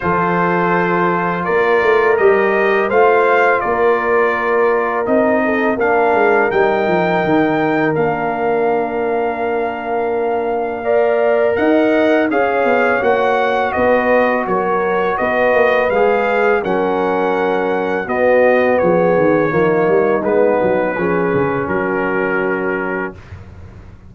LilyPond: <<
  \new Staff \with { instrumentName = "trumpet" } { \time 4/4 \tempo 4 = 83 c''2 d''4 dis''4 | f''4 d''2 dis''4 | f''4 g''2 f''4~ | f''1 |
fis''4 f''4 fis''4 dis''4 | cis''4 dis''4 f''4 fis''4~ | fis''4 dis''4 cis''2 | b'2 ais'2 | }
  \new Staff \with { instrumentName = "horn" } { \time 4/4 a'2 ais'2 | c''4 ais'2~ ais'8 a'8 | ais'1~ | ais'2. d''4 |
dis''4 cis''2 b'4 | ais'4 b'2 ais'4~ | ais'4 fis'4 gis'4 dis'4~ | dis'4 gis'4 fis'2 | }
  \new Staff \with { instrumentName = "trombone" } { \time 4/4 f'2. g'4 | f'2. dis'4 | d'4 dis'2 d'4~ | d'2. ais'4~ |
ais'4 gis'4 fis'2~ | fis'2 gis'4 cis'4~ | cis'4 b2 ais4 | b4 cis'2. | }
  \new Staff \with { instrumentName = "tuba" } { \time 4/4 f2 ais8 a8 g4 | a4 ais2 c'4 | ais8 gis8 g8 f8 dis4 ais4~ | ais1 |
dis'4 cis'8 b8 ais4 b4 | fis4 b8 ais8 gis4 fis4~ | fis4 b4 f8 dis8 f8 g8 | gis8 fis8 f8 cis8 fis2 | }
>>